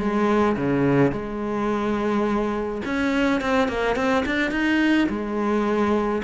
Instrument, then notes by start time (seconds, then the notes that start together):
cello
0.00 G#3
0.57 C#3
1.12 G#3
2.85 C#4
3.42 C4
3.69 A#3
3.96 C4
4.26 D4
4.52 D#4
5.10 G#3